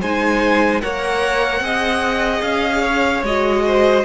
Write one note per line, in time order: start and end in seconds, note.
0.00 0.82 G#3
0.00 0.81 D#4
0.00 0.81 C5
0.00 0.81 G#5
0.81 1.60 A#3
0.81 1.62 A#4
0.81 1.63 C#5
0.81 2.42 F#5
1.60 2.41 C4
1.60 3.24 G#4
1.60 2.81 D#5
2.42 3.22 C#4
2.42 3.23 F5
2.81 3.62 C#5
3.22 4.04 G#3
3.22 4.04 F#4
3.22 4.04 D#5
3.66 4.04 C5